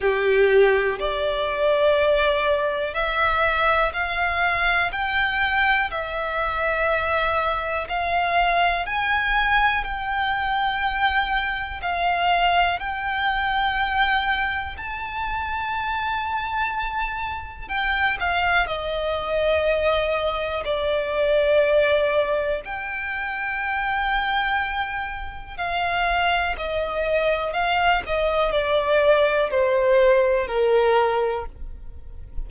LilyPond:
\new Staff \with { instrumentName = "violin" } { \time 4/4 \tempo 4 = 61 g'4 d''2 e''4 | f''4 g''4 e''2 | f''4 gis''4 g''2 | f''4 g''2 a''4~ |
a''2 g''8 f''8 dis''4~ | dis''4 d''2 g''4~ | g''2 f''4 dis''4 | f''8 dis''8 d''4 c''4 ais'4 | }